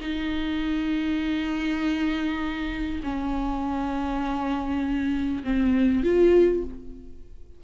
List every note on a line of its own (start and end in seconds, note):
0.00 3.00 D#4
3.03 5.43 C#4
5.43 6.03 C4
6.03 6.63 F4